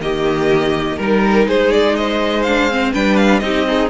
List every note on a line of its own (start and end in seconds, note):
0.00 0.98 D#3
0.00 0.99 A#3
0.00 0.96 G4
0.00 0.99 D#5
0.96 1.46 G3
0.96 2.47 D#4
0.96 1.45 A#4
0.96 1.48 A#4
1.46 2.93 G#3
1.46 1.96 G#4
1.46 1.71 C5
1.71 1.95 D5
1.95 2.93 C5
1.95 2.42 D#5
2.42 2.70 D4
2.42 2.91 F5
2.70 2.93 C4
2.93 3.41 G3
2.93 3.42 D4
2.93 3.41 B4
2.93 3.16 G5
3.16 3.39 F5
3.39 3.89 C4
3.39 3.66 D#4
3.39 3.67 G4
3.39 3.88 D#5
3.67 3.90 D#4
3.67 3.90 G#4